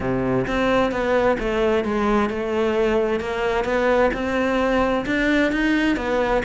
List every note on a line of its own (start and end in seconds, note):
0.00 0.46 C3
0.47 0.91 C4
0.91 1.37 B3
1.39 1.84 A3
1.84 2.29 G#3
2.29 3.20 A3
3.20 3.64 A#3
3.64 4.10 B3
4.13 5.05 C4
5.06 5.51 D4
5.52 5.96 D#4
5.96 6.42 B3